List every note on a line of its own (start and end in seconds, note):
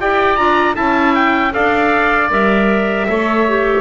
0.00 0.39 E4
0.00 0.38 G4
0.00 0.77 D5
0.00 0.37 G5
0.37 0.77 D4
0.37 0.75 F4
0.37 0.75 A#5
0.75 1.55 C#4
0.75 1.51 E4
0.75 1.54 E5
0.75 1.14 A5
1.15 1.54 G5
1.51 2.31 D4
1.51 2.28 A4
1.51 3.08 D5
1.51 2.31 F5
2.31 3.08 G3
2.31 3.08 A#4
2.31 3.82 E5
3.08 3.82 A3
3.08 3.47 A4
3.08 3.82 C#5
3.49 3.82 G4